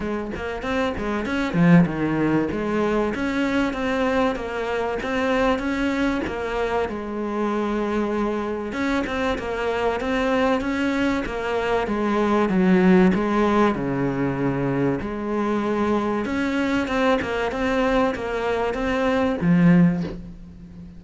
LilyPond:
\new Staff \with { instrumentName = "cello" } { \time 4/4 \tempo 4 = 96 gis8 ais8 c'8 gis8 cis'8 f8 dis4 | gis4 cis'4 c'4 ais4 | c'4 cis'4 ais4 gis4~ | gis2 cis'8 c'8 ais4 |
c'4 cis'4 ais4 gis4 | fis4 gis4 cis2 | gis2 cis'4 c'8 ais8 | c'4 ais4 c'4 f4 | }